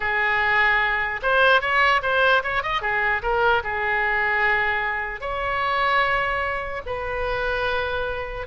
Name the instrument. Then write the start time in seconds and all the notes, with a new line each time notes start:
oboe
0.00 G#4
1.22 C5
1.61 C#5
2.02 C5
2.43 C#5
2.62 D#5
2.81 G#4
3.22 A#4
3.63 G#4
5.21 C#5
6.86 B4